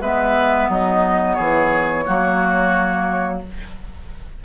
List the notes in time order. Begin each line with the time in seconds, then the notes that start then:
0.00 G#3 B3 B4 E5
0.69 F#3 D#4 D#5
1.34 E3 G#4 C#5
2.06 F#3 A#3 F#4